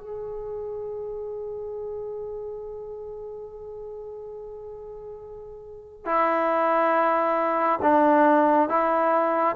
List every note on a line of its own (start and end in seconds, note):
0.00 6.06 G#4
6.06 7.80 E4
7.83 8.70 D4
8.70 9.57 E4